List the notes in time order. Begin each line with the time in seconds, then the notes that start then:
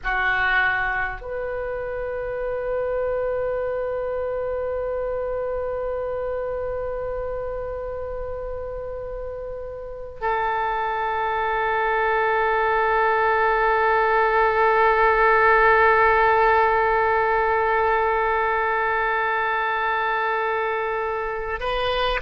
0.03 F#4
1.21 B4
10.20 A4
21.60 B4